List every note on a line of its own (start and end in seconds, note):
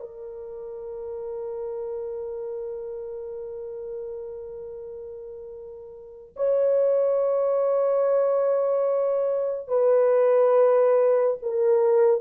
0.00 6.34 A#4
6.36 9.68 C#5
9.68 11.37 B4
11.42 12.20 A#4